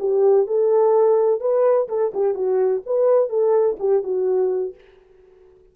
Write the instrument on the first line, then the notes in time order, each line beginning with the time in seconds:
horn
0.00 G4
0.47 A4
1.41 B4
1.89 A4
2.14 G4
2.35 F#4
2.86 B4
3.30 A4
3.80 G4
4.04 F#4